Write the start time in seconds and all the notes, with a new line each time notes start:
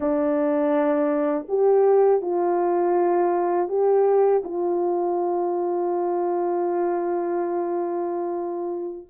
0.00 D4
1.48 G4
2.21 F4
3.68 G4
4.44 F4